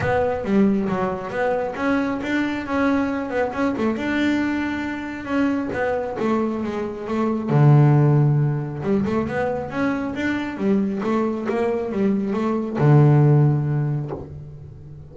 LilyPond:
\new Staff \with { instrumentName = "double bass" } { \time 4/4 \tempo 4 = 136 b4 g4 fis4 b4 | cis'4 d'4 cis'4. b8 | cis'8 a8 d'2. | cis'4 b4 a4 gis4 |
a4 d2. | g8 a8 b4 cis'4 d'4 | g4 a4 ais4 g4 | a4 d2. | }